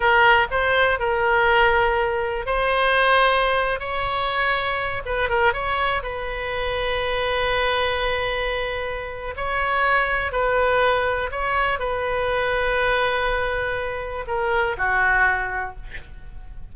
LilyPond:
\new Staff \with { instrumentName = "oboe" } { \time 4/4 \tempo 4 = 122 ais'4 c''4 ais'2~ | ais'4 c''2~ c''8. cis''16~ | cis''2~ cis''16 b'8 ais'8 cis''8.~ | cis''16 b'2.~ b'8.~ |
b'2. cis''4~ | cis''4 b'2 cis''4 | b'1~ | b'4 ais'4 fis'2 | }